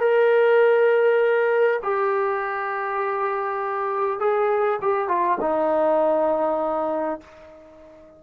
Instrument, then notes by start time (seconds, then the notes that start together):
trombone
0.00 A#4
1.83 G4
4.19 G#4
4.82 G4
5.08 F4
5.40 D#4